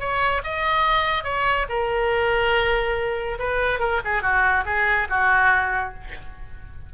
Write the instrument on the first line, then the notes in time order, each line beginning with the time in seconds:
oboe
0.00 C#5
0.44 D#5
1.24 C#5
1.69 A#4
3.40 B4
3.80 A#4
4.05 G#4
4.23 F#4
4.66 G#4
5.10 F#4